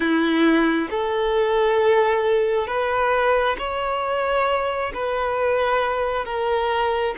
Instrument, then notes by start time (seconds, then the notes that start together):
violin
0.00 E4
0.90 A4
2.67 B4
3.58 C#5
4.94 B4
6.25 A#4